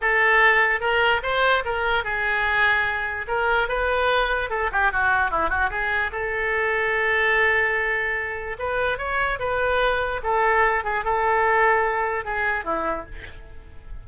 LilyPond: \new Staff \with { instrumentName = "oboe" } { \time 4/4 \tempo 4 = 147 a'2 ais'4 c''4 | ais'4 gis'2. | ais'4 b'2 a'8 g'8 | fis'4 e'8 fis'8 gis'4 a'4~ |
a'1~ | a'4 b'4 cis''4 b'4~ | b'4 a'4. gis'8 a'4~ | a'2 gis'4 e'4 | }